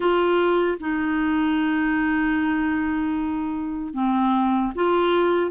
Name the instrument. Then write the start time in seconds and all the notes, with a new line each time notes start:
clarinet
0.00 F4
0.79 D#4
3.93 C4
4.75 F4